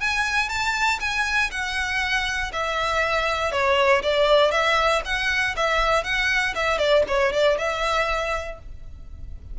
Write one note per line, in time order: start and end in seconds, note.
0.00 0.49 G#5
0.49 1.00 A5
1.00 1.51 G#5
1.51 2.52 F#5
2.53 3.52 E5
3.52 4.02 C#5
4.03 4.51 D5
4.51 5.02 E5
5.05 5.56 F#5
5.56 6.04 E5
6.04 6.54 F#5
6.55 6.78 E5
6.78 7.04 D5
7.08 7.33 C#5
7.33 7.58 D5
7.58 8.59 E5